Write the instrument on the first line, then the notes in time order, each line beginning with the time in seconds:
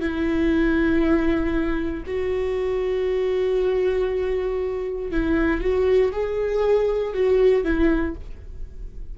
viola
0.00 E4
2.06 F#4
5.11 E4
5.61 F#4
6.12 G#4
7.13 F#4
7.64 E4